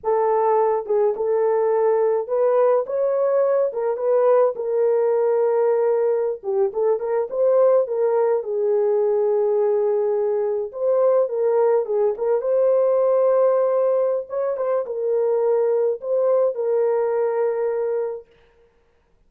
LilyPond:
\new Staff \with { instrumentName = "horn" } { \time 4/4 \tempo 4 = 105 a'4. gis'8 a'2 | b'4 cis''4. ais'8 b'4 | ais'2.~ ais'16 g'8 a'16~ | a'16 ais'8 c''4 ais'4 gis'4~ gis'16~ |
gis'2~ gis'8. c''4 ais'16~ | ais'8. gis'8 ais'8 c''2~ c''16~ | c''4 cis''8 c''8 ais'2 | c''4 ais'2. | }